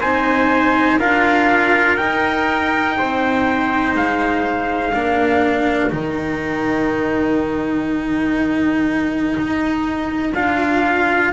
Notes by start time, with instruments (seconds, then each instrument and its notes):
0.00 double bass C4, cello D#4, trumpet C5 G#5
0.99 double bass D4, cello F4, trumpet A#4 F5
1.97 cello D#4, double bass D#4, trumpet G5
2.98 double bass C4, trumpet C5
3.95 double bass G#3, trumpet F5
4.93 double bass A#3, cello D4, trumpet A#4
5.90 double bass D#3, cello D#4, trumpet G5
9.39 double bass D#4
10.34 double bass D4, cello F4, trumpet F5